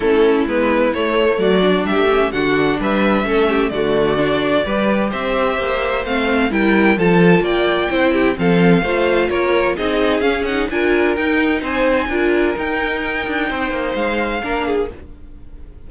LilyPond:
<<
  \new Staff \with { instrumentName = "violin" } { \time 4/4 \tempo 4 = 129 a'4 b'4 cis''4 d''4 | e''4 fis''4 e''2 | d''2. e''4~ | e''4 f''4 g''4 a''4 |
g''2 f''2 | cis''4 dis''4 f''8 fis''8 gis''4 | g''4 gis''2 g''4~ | g''2 f''2 | }
  \new Staff \with { instrumentName = "violin" } { \time 4/4 e'2. fis'4 | g'4 fis'4 b'4 a'8 g'8 | fis'2 b'4 c''4~ | c''2 ais'4 a'4 |
d''4 c''8 g'8 a'4 c''4 | ais'4 gis'2 ais'4~ | ais'4 c''4 ais'2~ | ais'4 c''2 ais'8 gis'8 | }
  \new Staff \with { instrumentName = "viola" } { \time 4/4 cis'4 b4 a4. d'8~ | d'8 cis'8 d'2 cis'4 | a4 d'4 g'2~ | g'4 c'4 e'4 f'4~ |
f'4 e'4 c'4 f'4~ | f'4 dis'4 cis'8 dis'8 f'4 | dis'2 f'4 dis'4~ | dis'2. d'4 | }
  \new Staff \with { instrumentName = "cello" } { \time 4/4 a4 gis4 a4 fis4 | g16 a8. d4 g4 a4 | d2 g4 c'4 | ais4 a4 g4 f4 |
ais4 c'4 f4 a4 | ais4 c'4 cis'4 d'4 | dis'4 c'4 d'4 dis'4~ | dis'8 d'8 c'8 ais8 gis4 ais4 | }
>>